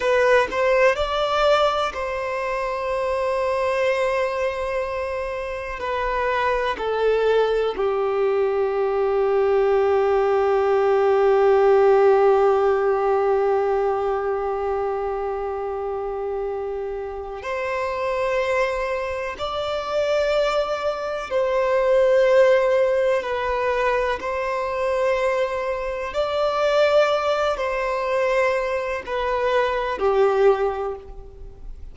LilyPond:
\new Staff \with { instrumentName = "violin" } { \time 4/4 \tempo 4 = 62 b'8 c''8 d''4 c''2~ | c''2 b'4 a'4 | g'1~ | g'1~ |
g'2 c''2 | d''2 c''2 | b'4 c''2 d''4~ | d''8 c''4. b'4 g'4 | }